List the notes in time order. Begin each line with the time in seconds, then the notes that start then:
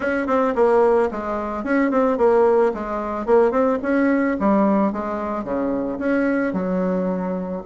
0.00 C#4
0.26 C4
0.55 A#3
1.11 G#3
1.64 C#4
1.91 C4
2.17 A#3
2.73 G#3
3.26 A#3
3.51 C4
3.82 C#4
4.39 G3
4.92 G#3
5.43 C#3
5.98 C#4
6.53 F#3